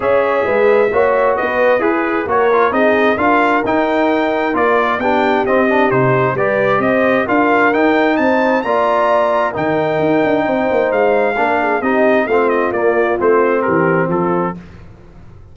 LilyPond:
<<
  \new Staff \with { instrumentName = "trumpet" } { \time 4/4 \tempo 4 = 132 e''2. dis''4 | b'4 cis''4 dis''4 f''4 | g''2 d''4 g''4 | dis''4 c''4 d''4 dis''4 |
f''4 g''4 a''4 ais''4~ | ais''4 g''2. | f''2 dis''4 f''8 dis''8 | d''4 c''4 ais'4 a'4 | }
  \new Staff \with { instrumentName = "horn" } { \time 4/4 cis''4 b'4 cis''4 b'4 | gis'4 ais'4 gis'4 ais'4~ | ais'2. g'4~ | g'2 b'4 c''4 |
ais'2 c''4 d''4~ | d''4 ais'2 c''4~ | c''4 ais'8 gis'8 g'4 f'4~ | f'2 g'4 f'4 | }
  \new Staff \with { instrumentName = "trombone" } { \time 4/4 gis'2 fis'2 | gis'4 fis'8 f'8 dis'4 f'4 | dis'2 f'4 d'4 | c'8 d'8 dis'4 g'2 |
f'4 dis'2 f'4~ | f'4 dis'2.~ | dis'4 d'4 dis'4 c'4 | ais4 c'2. | }
  \new Staff \with { instrumentName = "tuba" } { \time 4/4 cis'4 gis4 ais4 b4 | e'4 ais4 c'4 d'4 | dis'2 ais4 b4 | c'4 c4 g4 c'4 |
d'4 dis'4 c'4 ais4~ | ais4 dis4 dis'8 d'8 c'8 ais8 | gis4 ais4 c'4 a4 | ais4 a4 e4 f4 | }
>>